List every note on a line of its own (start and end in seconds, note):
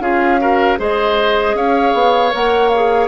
0.00 0.77 C#4
0.00 0.39 F4
0.00 0.40 G#4
0.00 0.78 F5
0.39 0.77 F#4
0.39 0.79 A#4
0.77 1.54 G#3
0.77 2.31 G#4
0.77 1.56 C5
0.77 1.57 D#5
1.54 1.93 C#4
1.54 3.08 C#5
1.54 2.33 F5
1.93 2.32 B3
2.32 3.08 A#3
2.32 2.70 A#4
2.32 2.69 F#5
2.69 3.08 G#4
2.69 3.08 F5